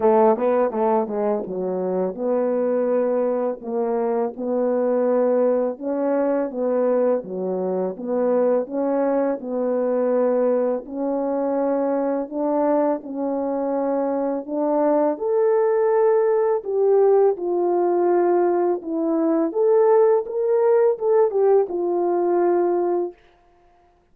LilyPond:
\new Staff \with { instrumentName = "horn" } { \time 4/4 \tempo 4 = 83 a8 b8 a8 gis8 fis4 b4~ | b4 ais4 b2 | cis'4 b4 fis4 b4 | cis'4 b2 cis'4~ |
cis'4 d'4 cis'2 | d'4 a'2 g'4 | f'2 e'4 a'4 | ais'4 a'8 g'8 f'2 | }